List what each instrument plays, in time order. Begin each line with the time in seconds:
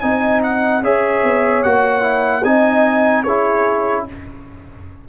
0.00 tuba C4, trombone D#4, horn D#5, trumpet G#5
0.43 trumpet F#5
0.82 tuba C#4, trombone G#4, horn C#5, trumpet E5
1.23 tuba B3
1.63 tuba A#3, trombone F#4, trumpet F#5
2.01 trombone E4
2.44 tuba C4, trombone D#4, horn D#5, trumpet G#5
3.23 tuba C#4, trombone E4, horn G#4, trumpet C#5